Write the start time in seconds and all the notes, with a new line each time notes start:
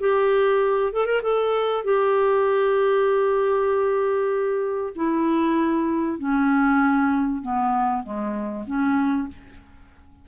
0.00 G4
0.93 A4
1.06 A#4
1.23 A4
1.84 G4
4.96 E4
6.19 C#4
7.42 B3
8.03 G#3
8.67 C#4